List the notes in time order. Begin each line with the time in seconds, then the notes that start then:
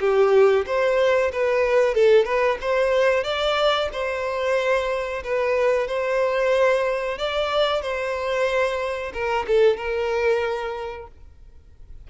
0.00 G4
0.66 C5
1.32 B4
1.94 A4
2.25 B4
2.61 C5
3.23 D5
3.92 C5
5.24 B4
5.87 C5
7.18 D5
7.81 C5
9.13 A#4
9.47 A4
9.77 A#4